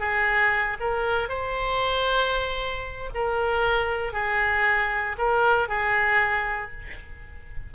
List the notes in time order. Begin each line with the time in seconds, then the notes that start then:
0.00 G#4
0.81 A#4
1.30 C5
3.15 A#4
4.13 G#4
5.19 A#4
5.69 G#4